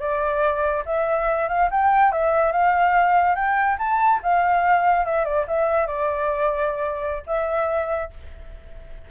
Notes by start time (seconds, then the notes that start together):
0.00 D5
0.86 E5
1.49 F5
1.71 G5
2.12 E5
2.52 F5
3.35 G5
3.78 A5
4.23 F5
5.05 E5
5.25 D5
5.48 E5
5.87 D5
7.27 E5